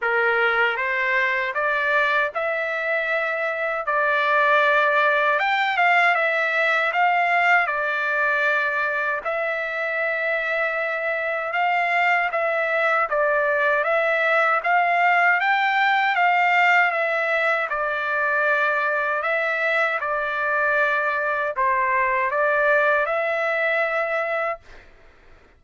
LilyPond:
\new Staff \with { instrumentName = "trumpet" } { \time 4/4 \tempo 4 = 78 ais'4 c''4 d''4 e''4~ | e''4 d''2 g''8 f''8 | e''4 f''4 d''2 | e''2. f''4 |
e''4 d''4 e''4 f''4 | g''4 f''4 e''4 d''4~ | d''4 e''4 d''2 | c''4 d''4 e''2 | }